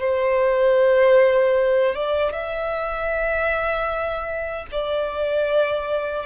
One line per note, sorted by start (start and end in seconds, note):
0.00 1.95 C5
1.95 2.32 D5
2.32 4.66 E5
4.71 6.26 D5